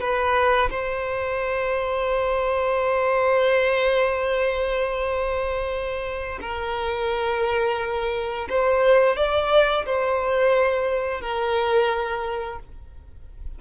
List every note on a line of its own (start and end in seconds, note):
0.00 0.69 B4
0.70 6.39 C5
6.41 8.48 A#4
8.50 9.16 C5
9.16 9.85 D5
9.86 11.21 C5
11.21 12.59 A#4